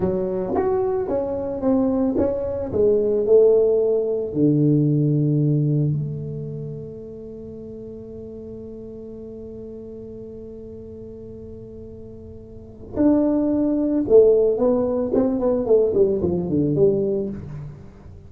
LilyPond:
\new Staff \with { instrumentName = "tuba" } { \time 4/4 \tempo 4 = 111 fis4 fis'4 cis'4 c'4 | cis'4 gis4 a2 | d2. a4~ | a1~ |
a1~ | a1 | d'2 a4 b4 | c'8 b8 a8 g8 f8 d8 g4 | }